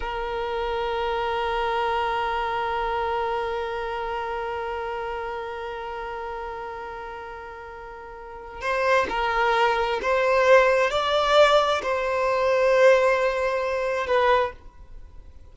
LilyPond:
\new Staff \with { instrumentName = "violin" } { \time 4/4 \tempo 4 = 132 ais'1~ | ais'1~ | ais'1~ | ais'1~ |
ais'2. c''4 | ais'2 c''2 | d''2 c''2~ | c''2. b'4 | }